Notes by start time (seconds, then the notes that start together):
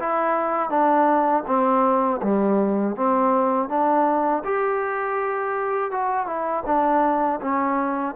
0.00 E4
0.70 D4
1.47 C4
2.23 G3
2.96 C4
3.69 D4
4.45 G4
5.92 F#4
6.27 E4
6.66 D4
7.42 C#4